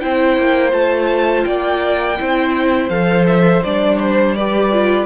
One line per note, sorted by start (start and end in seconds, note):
0.00 0.38 C4
0.00 0.72 E4
0.00 1.47 C5
0.00 0.72 G5
0.38 0.73 A#3
0.72 1.45 A3
0.72 2.16 F4
0.72 1.45 A5
1.45 2.19 A#3
1.45 2.19 D5
1.45 2.89 G5
2.18 2.90 C4
2.18 2.91 E4
2.18 4.36 C5
2.90 3.62 F3
2.90 3.63 A4
2.90 3.26 F5
3.27 3.63 E5
3.64 5.06 G3
3.64 4.37 D4
3.64 4.00 D5
4.00 4.35 C5
4.35 4.72 G4
4.35 5.06 B4
4.35 5.06 D5
4.72 5.06 F4